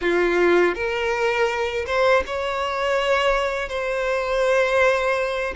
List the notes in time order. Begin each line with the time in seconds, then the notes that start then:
0.01 F4
0.74 A#4
1.86 C5
2.26 C#5
3.68 C5